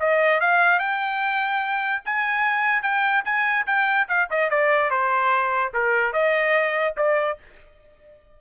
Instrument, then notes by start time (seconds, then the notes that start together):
trumpet
0.00 D#5
0.41 F5
0.79 G5
2.06 G#5
2.83 G5
3.25 G#5
3.67 G5
4.09 F5
4.31 D#5
4.50 D5
4.91 C5
5.74 A#4
6.13 D#5
6.97 D5